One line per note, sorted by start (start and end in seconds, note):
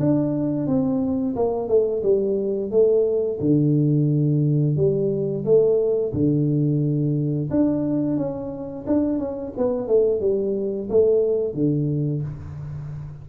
0.00 0.68 D4
0.68 1.36 C4
1.36 1.69 A#3
1.69 2.03 A3
2.03 2.71 G3
2.71 3.40 A3
3.41 4.77 D3
4.77 5.45 G3
5.45 6.13 A3
6.14 7.50 D3
7.51 8.17 D4
8.17 8.85 C#4
8.87 9.19 D4
9.19 9.53 C#4
9.58 9.88 B3
9.88 10.21 A3
10.21 10.89 G3
10.90 11.54 A3
11.54 12.23 D3